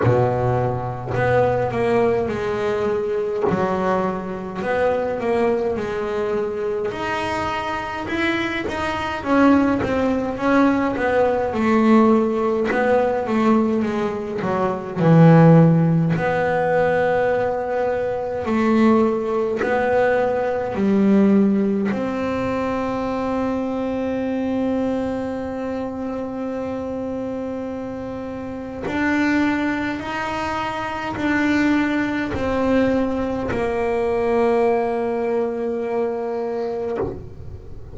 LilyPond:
\new Staff \with { instrumentName = "double bass" } { \time 4/4 \tempo 4 = 52 b,4 b8 ais8 gis4 fis4 | b8 ais8 gis4 dis'4 e'8 dis'8 | cis'8 c'8 cis'8 b8 a4 b8 a8 | gis8 fis8 e4 b2 |
a4 b4 g4 c'4~ | c'1~ | c'4 d'4 dis'4 d'4 | c'4 ais2. | }